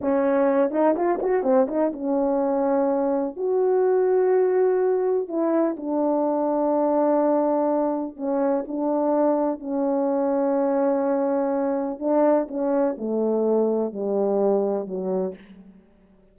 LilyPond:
\new Staff \with { instrumentName = "horn" } { \time 4/4 \tempo 4 = 125 cis'4. dis'8 f'8 fis'8 c'8 dis'8 | cis'2. fis'4~ | fis'2. e'4 | d'1~ |
d'4 cis'4 d'2 | cis'1~ | cis'4 d'4 cis'4 a4~ | a4 g2 fis4 | }